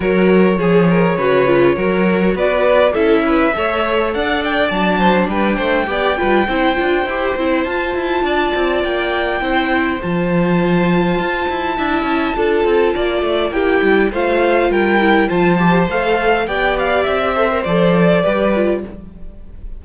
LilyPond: <<
  \new Staff \with { instrumentName = "violin" } { \time 4/4 \tempo 4 = 102 cis''1 | d''4 e''2 fis''8 g''8 | a''4 g''2.~ | g''4 a''2 g''4~ |
g''4 a''2.~ | a''2. g''4 | f''4 g''4 a''4 f''4 | g''8 f''8 e''4 d''2 | }
  \new Staff \with { instrumentName = "violin" } { \time 4/4 ais'4 gis'8 ais'8 b'4 ais'4 | b'4 a'8 b'8 cis''4 d''4~ | d''8 c''8 b'8 c''8 d''8 b'8 c''4~ | c''2 d''2 |
c''1 | e''4 a'4 d''4 g'4 | c''4 ais'4 c''2 | d''4. c''4. b'4 | }
  \new Staff \with { instrumentName = "viola" } { \time 4/4 fis'4 gis'4 fis'8 f'8 fis'4~ | fis'4 e'4 a'2 | d'2 g'8 f'8 e'8 f'8 | g'8 e'8 f'2. |
e'4 f'2. | e'4 f'2 e'4 | f'4. e'8 f'8 g'8 a'4 | g'4. a'16 ais'16 a'4 g'8 f'8 | }
  \new Staff \with { instrumentName = "cello" } { \time 4/4 fis4 f4 cis4 fis4 | b4 cis'4 a4 d'4 | fis4 g8 a8 b8 g8 c'8 d'8 | e'8 c'8 f'8 e'8 d'8 c'8 ais4 |
c'4 f2 f'8 e'8 | d'8 cis'8 d'8 c'8 ais8 a8 ais8 g8 | a4 g4 f4 a4 | b4 c'4 f4 g4 | }
>>